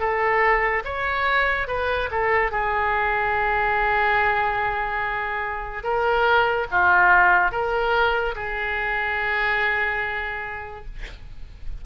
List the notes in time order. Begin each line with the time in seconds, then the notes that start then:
0.00 A4
0.85 C#5
1.67 B4
2.11 A4
2.51 G#4
5.83 A#4
6.71 F4
7.51 A#4
8.36 G#4